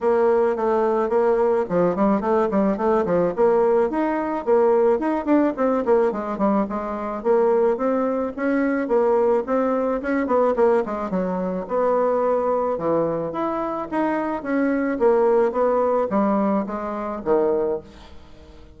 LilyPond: \new Staff \with { instrumentName = "bassoon" } { \time 4/4 \tempo 4 = 108 ais4 a4 ais4 f8 g8 | a8 g8 a8 f8 ais4 dis'4 | ais4 dis'8 d'8 c'8 ais8 gis8 g8 | gis4 ais4 c'4 cis'4 |
ais4 c'4 cis'8 b8 ais8 gis8 | fis4 b2 e4 | e'4 dis'4 cis'4 ais4 | b4 g4 gis4 dis4 | }